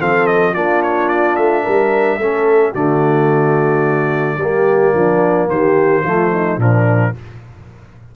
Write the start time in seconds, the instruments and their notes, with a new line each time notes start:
0.00 tuba F3, trombone C4, horn A4, trumpet F5
0.27 trumpet D#5
0.53 tuba A#3, trombone D4, horn F4, trumpet D5
0.83 trumpet C#5
1.08 trumpet D5
1.36 tuba A3, trumpet E5
1.63 tuba G3, horn A#4
2.18 tuba A3, trombone C#4, horn A4
2.72 tuba D3, trombone A3, horn F#4, trumpet D5
4.37 tuba G3, trombone A#3, horn G4
4.94 tuba F3, horn D4
5.47 tuba D#3, horn G4, trumpet C5
6.03 tuba F3, trombone A3, horn F4
6.33 horn D#4
6.57 tuba A#2, trombone F3, horn D4, trumpet A#4